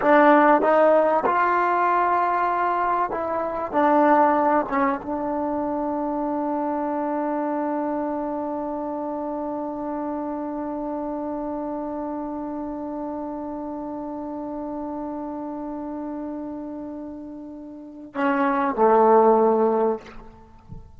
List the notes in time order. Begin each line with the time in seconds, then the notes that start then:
0.01 D4
0.61 D#4
1.25 F4
3.10 E4
3.72 D4
4.68 C#4
5.02 D4
18.14 C#4
18.75 A3